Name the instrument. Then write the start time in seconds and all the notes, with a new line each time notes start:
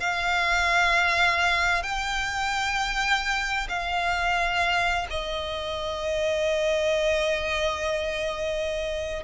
violin
0.00 F5
1.83 G5
3.69 F5
5.10 D#5